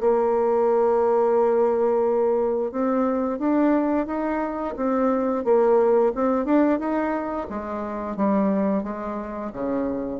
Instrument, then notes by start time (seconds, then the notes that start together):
bassoon
0.00 A#3
2.71 C4
3.38 D4
4.06 D#4
4.76 C4
5.44 A#3
6.14 C4
6.45 D4
6.79 D#4
7.49 G#3
8.16 G3
8.83 G#3
9.52 C#3